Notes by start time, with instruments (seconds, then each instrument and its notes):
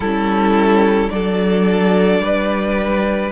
0.00 cello G3, viola C#4, violin E4 A4
1.09 cello F#3, viola D4, violin A4 D5
2.19 cello G3, violin B4